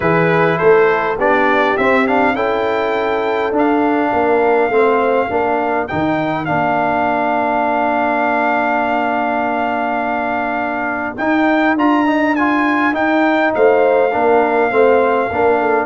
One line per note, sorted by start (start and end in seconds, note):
0.00 0.59 E3
0.00 1.16 E4
0.00 0.58 G#4
0.00 0.58 B4
0.58 1.18 A3
0.58 1.16 A4
0.58 1.17 C5
1.16 1.76 B3
1.16 1.77 D4
1.16 2.33 G4
1.16 1.77 D5
1.77 2.34 C4
1.77 2.06 C4
1.77 2.06 E5
2.06 2.35 D4
2.06 2.35 F5
2.34 3.51 C#4
2.34 3.52 E4
2.34 4.12 A4
2.34 3.53 G5
3.51 4.10 D4
3.51 4.71 D4
3.57 5.87 F5
4.13 4.69 A#3
4.13 4.73 A#4
4.69 5.28 A3
4.69 5.29 C4
4.69 5.29 C5
5.29 5.88 A#3
5.29 5.88 D4
5.29 13.53 A#4
5.87 6.48 D#3
5.87 6.45 D#4
5.87 6.45 G5
6.45 11.17 A#3
6.45 11.16 D4
6.45 11.16 F5
11.17 11.75 D#4
11.17 11.78 D#4
11.17 11.76 G5
11.75 12.93 D4
11.75 12.06 F4
11.75 12.35 A#5
12.06 12.35 D#4
12.35 12.92 F4
12.35 12.94 G#5
12.92 14.10 D#4
12.92 13.52 D#4
12.92 13.53 G5
13.54 14.14 A3
13.54 14.12 C5
13.54 15.85 F5
14.12 14.71 A#3
14.12 14.70 D4
14.12 14.70 A#4
14.70 15.30 A3
14.70 15.29 C4
14.70 15.29 C5
15.30 15.85 A#3
15.30 15.85 D4
15.30 15.59 A#4
15.60 15.85 A4